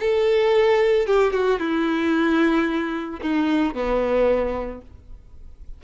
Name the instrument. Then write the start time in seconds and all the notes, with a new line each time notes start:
violin
0.00 A4
1.07 G4
1.33 F#4
1.59 E4
3.21 D#4
3.74 B3